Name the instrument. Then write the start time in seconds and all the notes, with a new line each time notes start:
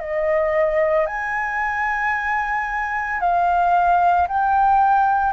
flute
0.00 D#5
1.07 G#5
3.21 F5
4.28 G5